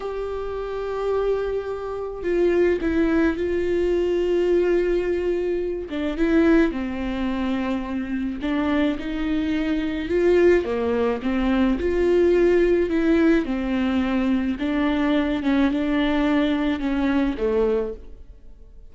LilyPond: \new Staff \with { instrumentName = "viola" } { \time 4/4 \tempo 4 = 107 g'1 | f'4 e'4 f'2~ | f'2~ f'8 d'8 e'4 | c'2. d'4 |
dis'2 f'4 ais4 | c'4 f'2 e'4 | c'2 d'4. cis'8 | d'2 cis'4 a4 | }